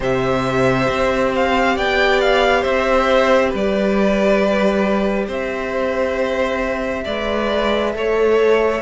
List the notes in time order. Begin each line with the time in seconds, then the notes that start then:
0.00 C3 G4 C5 E5
0.89 C4
1.35 F5
1.76 B3 D5 G5
2.20 F5
2.61 C4 C5 E5
3.49 G3 B4
3.55 D5
5.27 C4 C5 E5
7.04 G#3 B4 D5
7.94 A3 A4 C#5